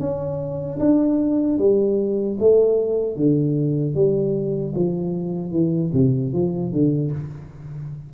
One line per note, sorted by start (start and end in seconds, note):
0.00 0.79 C#4
0.80 1.59 D4
1.59 2.38 G3
2.40 3.17 A3
3.17 3.95 D3
3.95 4.74 G3
4.75 5.52 F3
5.52 5.91 E3
5.94 6.33 C3
6.33 6.72 F3
6.72 7.12 D3